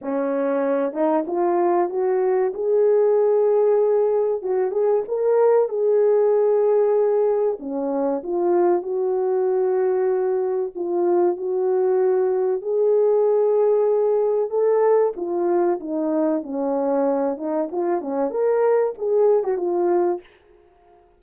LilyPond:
\new Staff \with { instrumentName = "horn" } { \time 4/4 \tempo 4 = 95 cis'4. dis'8 f'4 fis'4 | gis'2. fis'8 gis'8 | ais'4 gis'2. | cis'4 f'4 fis'2~ |
fis'4 f'4 fis'2 | gis'2. a'4 | f'4 dis'4 cis'4. dis'8 | f'8 cis'8 ais'4 gis'8. fis'16 f'4 | }